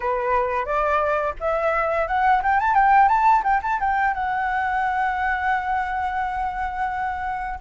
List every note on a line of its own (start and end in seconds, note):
0.00 0.65 B4
0.65 1.34 D5
1.39 2.07 E5
2.07 2.42 F#5
2.42 2.60 G5
2.60 2.74 A5
2.74 3.08 G5
3.08 3.43 A5
3.43 3.61 G5
3.62 3.79 A5
3.80 4.14 G5
4.14 7.59 F#5